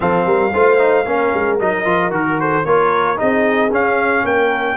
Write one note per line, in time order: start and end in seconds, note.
0.00 0.26 F3
0.00 0.50 C4
0.00 0.25 A4
0.00 1.58 F5
0.25 0.52 G3
0.25 0.52 A#4
0.53 1.04 A3
0.53 0.78 F4
0.53 1.05 C5
0.78 1.05 D#4
1.04 1.31 A#3
1.04 1.59 C#4
1.04 2.37 A#4
1.34 1.60 G#3
1.60 1.85 F#3
1.60 1.85 D#4
1.60 2.13 D#5
1.85 2.09 F3
1.85 2.11 F4
2.09 2.62 D#3
2.09 2.64 F#4
2.09 2.40 A#4
2.40 2.66 A4
2.40 2.65 C5
2.65 3.18 A#3
2.65 3.16 F4
2.65 3.18 A#4
2.65 3.18 C#5
3.16 3.70 C4
3.16 3.69 D#4
3.16 4.24 G#4
3.16 3.71 D#5
3.70 4.23 C#4
3.70 4.77 C#4
3.70 4.26 F5
4.23 4.77 A#3
4.23 4.77 A#4
4.23 4.77 G5